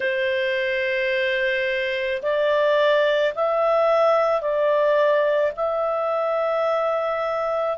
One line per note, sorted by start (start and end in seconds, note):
0.00 2.22 C5
2.22 3.33 D5
3.34 4.41 E5
4.41 5.52 D5
5.56 7.77 E5